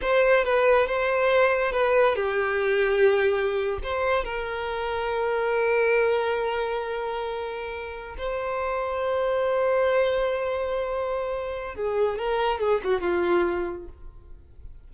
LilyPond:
\new Staff \with { instrumentName = "violin" } { \time 4/4 \tempo 4 = 138 c''4 b'4 c''2 | b'4 g'2.~ | g'8. c''4 ais'2~ ais'16~ | ais'1~ |
ais'2~ ais'8. c''4~ c''16~ | c''1~ | c''2. gis'4 | ais'4 gis'8 fis'8 f'2 | }